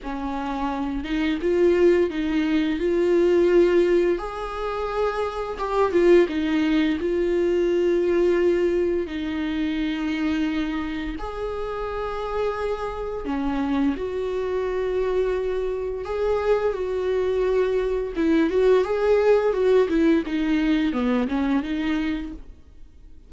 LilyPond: \new Staff \with { instrumentName = "viola" } { \time 4/4 \tempo 4 = 86 cis'4. dis'8 f'4 dis'4 | f'2 gis'2 | g'8 f'8 dis'4 f'2~ | f'4 dis'2. |
gis'2. cis'4 | fis'2. gis'4 | fis'2 e'8 fis'8 gis'4 | fis'8 e'8 dis'4 b8 cis'8 dis'4 | }